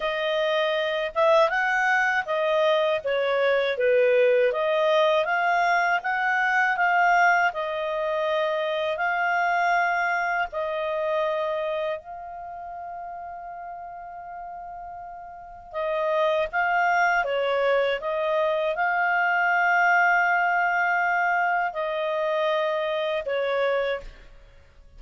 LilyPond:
\new Staff \with { instrumentName = "clarinet" } { \time 4/4 \tempo 4 = 80 dis''4. e''8 fis''4 dis''4 | cis''4 b'4 dis''4 f''4 | fis''4 f''4 dis''2 | f''2 dis''2 |
f''1~ | f''4 dis''4 f''4 cis''4 | dis''4 f''2.~ | f''4 dis''2 cis''4 | }